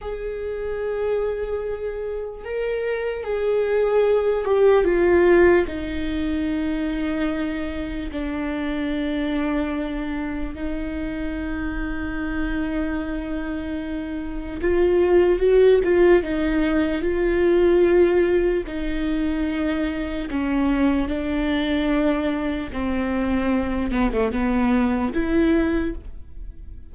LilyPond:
\new Staff \with { instrumentName = "viola" } { \time 4/4 \tempo 4 = 74 gis'2. ais'4 | gis'4. g'8 f'4 dis'4~ | dis'2 d'2~ | d'4 dis'2.~ |
dis'2 f'4 fis'8 f'8 | dis'4 f'2 dis'4~ | dis'4 cis'4 d'2 | c'4. b16 a16 b4 e'4 | }